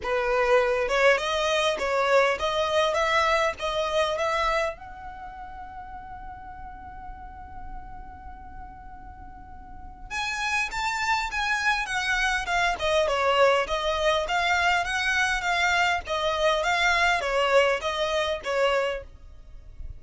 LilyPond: \new Staff \with { instrumentName = "violin" } { \time 4/4 \tempo 4 = 101 b'4. cis''8 dis''4 cis''4 | dis''4 e''4 dis''4 e''4 | fis''1~ | fis''1~ |
fis''4 gis''4 a''4 gis''4 | fis''4 f''8 dis''8 cis''4 dis''4 | f''4 fis''4 f''4 dis''4 | f''4 cis''4 dis''4 cis''4 | }